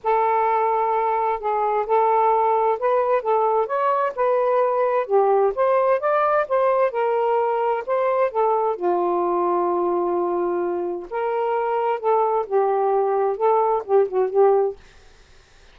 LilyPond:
\new Staff \with { instrumentName = "saxophone" } { \time 4/4 \tempo 4 = 130 a'2. gis'4 | a'2 b'4 a'4 | cis''4 b'2 g'4 | c''4 d''4 c''4 ais'4~ |
ais'4 c''4 a'4 f'4~ | f'1 | ais'2 a'4 g'4~ | g'4 a'4 g'8 fis'8 g'4 | }